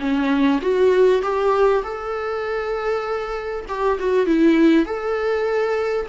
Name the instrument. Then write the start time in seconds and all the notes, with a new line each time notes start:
viola
0.00 C#4
0.62 F#4
1.23 G4
1.84 A4
3.69 G4
4.00 F#4
4.26 E4
4.86 A4